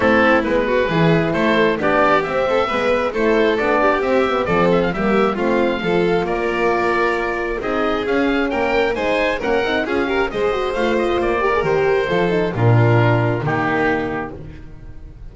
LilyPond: <<
  \new Staff \with { instrumentName = "oboe" } { \time 4/4 \tempo 4 = 134 a'4 b'2 c''4 | d''4 e''2 c''4 | d''4 e''4 d''8 e''16 f''16 e''4 | f''2 d''2~ |
d''4 dis''4 f''4 g''4 | gis''4 fis''4 f''4 dis''4 | f''8 dis''8 d''4 c''2 | ais'2 g'2 | }
  \new Staff \with { instrumentName = "violin" } { \time 4/4 e'4. fis'8 gis'4 a'4 | g'4. a'8 b'4 a'4~ | a'8 g'4. a'4 g'4 | f'4 a'4 ais'2~ |
ais'4 gis'2 ais'4 | c''4 ais'4 gis'8 ais'8 c''4~ | c''4. ais'4. a'4 | f'2 dis'2 | }
  \new Staff \with { instrumentName = "horn" } { \time 4/4 c'4 b4 e'2 | d'4 c'4 b4 e'4 | d'4 c'8 b8 c'4 ais4 | c'4 f'2.~ |
f'4 dis'4 cis'2 | dis'4 cis'8 dis'8 f'8 g'8 gis'8 fis'8 | f'4. g'16 gis'16 g'4 f'8 dis'8 | d'2 ais2 | }
  \new Staff \with { instrumentName = "double bass" } { \time 4/4 a4 gis4 e4 a4 | b4 c'4 gis4 a4 | b4 c'4 f4 g4 | a4 f4 ais2~ |
ais4 c'4 cis'4 ais4 | gis4 ais8 c'8 cis'4 gis4 | a4 ais4 dis4 f4 | ais,2 dis2 | }
>>